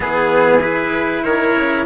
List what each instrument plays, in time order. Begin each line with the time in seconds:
0.00 bassoon E3, cello B3, trumpet G#4
0.62 cello E4, trumpet B4
1.23 bassoon D#3, trumpet A#4 C#5
1.55 bassoon C#3